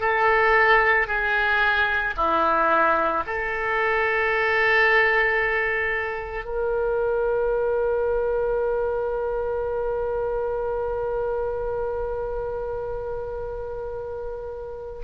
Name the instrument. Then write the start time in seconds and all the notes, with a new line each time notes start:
oboe
0.00 A4
1.07 G#4
2.17 E4
3.27 A4
6.45 A#4